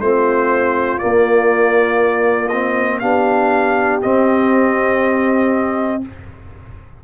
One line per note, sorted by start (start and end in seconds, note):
0.00 1.00 A3
0.00 1.00 C4
0.00 3.01 F4
0.00 0.99 C5
0.99 2.50 A#3
0.99 3.03 A#3
0.99 2.48 D5
2.48 3.02 C4
2.48 2.98 D#5
3.00 4.03 B3
3.00 4.02 D4
3.00 6.01 G4
3.00 4.00 F5
4.02 6.02 C4
4.02 6.04 C4
4.02 6.03 D#5